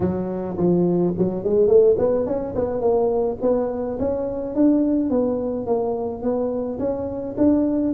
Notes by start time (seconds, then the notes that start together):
0.00 F#3
0.57 F3
1.18 F#3
1.44 G#3
1.67 A3
1.98 B3
2.26 C#4
2.55 B3
2.80 A#3
3.41 B3
3.99 C#4
4.55 D4
5.09 B3
5.66 A#3
6.22 B3
6.79 C#4
7.37 D4